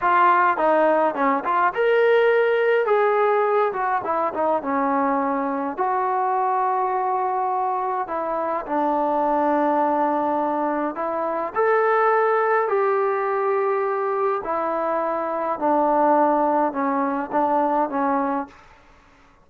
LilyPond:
\new Staff \with { instrumentName = "trombone" } { \time 4/4 \tempo 4 = 104 f'4 dis'4 cis'8 f'8 ais'4~ | ais'4 gis'4. fis'8 e'8 dis'8 | cis'2 fis'2~ | fis'2 e'4 d'4~ |
d'2. e'4 | a'2 g'2~ | g'4 e'2 d'4~ | d'4 cis'4 d'4 cis'4 | }